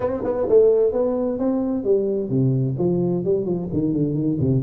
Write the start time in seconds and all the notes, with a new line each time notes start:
0.00 C4
0.24 B3
0.48 A3
0.92 B3
1.38 C4
1.84 G3
2.29 C3
2.78 F3
3.24 G3
3.45 F3
3.72 D#3
3.92 D3
4.14 D#3
4.40 C3